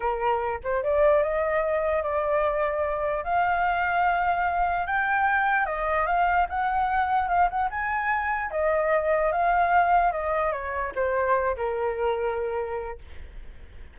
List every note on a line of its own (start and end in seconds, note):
0.00 0.60 A#4
0.63 0.83 C5
0.83 1.22 D5
1.22 2.03 D#5
2.03 3.24 D5
3.24 4.86 F5
4.86 5.66 G5
5.66 6.06 D#5
6.06 6.47 F5
6.49 7.28 F#5
7.28 7.48 F5
7.49 7.70 F#5
7.70 8.50 G#5
8.50 9.31 D#5
9.31 10.11 F5
10.11 10.52 D#5
10.52 10.92 C#5
10.95 11.56 C5
11.56 12.98 A#4